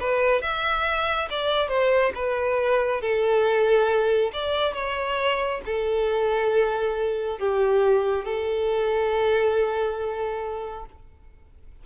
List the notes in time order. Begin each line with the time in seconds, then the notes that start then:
0.00 B4
0.42 E5
1.30 D5
1.68 C5
2.15 B4
3.01 A4
4.33 D5
4.74 C#5
5.66 A4
7.39 G4
8.25 A4